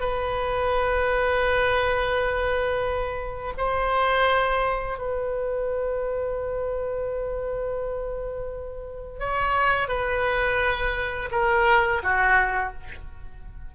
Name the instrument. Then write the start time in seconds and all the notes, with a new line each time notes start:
oboe
0.00 B4
3.57 C5
4.98 B4
9.19 C#5
9.88 B4
11.31 A#4
12.03 F#4